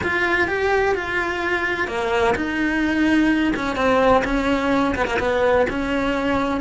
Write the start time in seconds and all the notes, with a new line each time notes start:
0.03 F4
0.47 G4
0.94 F4
1.87 A#3
2.35 D#4
3.56 C#4
3.76 C4
4.24 C#4
4.95 B3
5.07 A#3
5.19 B3
5.69 C#4